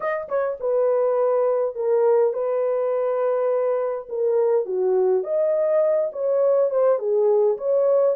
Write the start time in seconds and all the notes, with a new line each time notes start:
0.00 D#5
0.28 C#5
0.60 B4
1.75 A#4
2.33 B4
4.09 A#4
4.65 F#4
5.23 D#5
6.12 C#5
6.70 C5
6.98 G#4
7.57 C#5